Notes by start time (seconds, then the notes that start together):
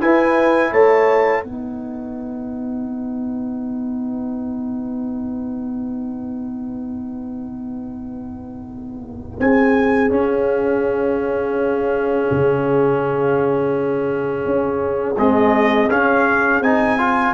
0.00 E4 B4 G#5
0.71 A3 C#5 A5
1.43 B3 D#4 B4 F#5
9.39 C4 G#4 G#5
10.09 C#4 F5
12.30 C#3
14.45 C#4
15.17 G#3 C4 D#5
15.90 C#4 F5
16.60 C4 D#4 G#5
16.98 F4